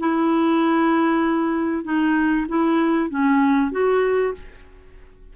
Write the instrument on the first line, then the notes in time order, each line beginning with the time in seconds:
clarinet
0.00 E4
1.84 D#4
2.49 E4
3.10 C#4
3.72 F#4